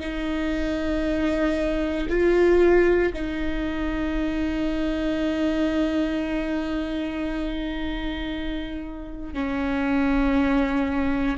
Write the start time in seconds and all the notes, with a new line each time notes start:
0.00 D#4
2.09 F4
3.13 D#4
9.33 C#4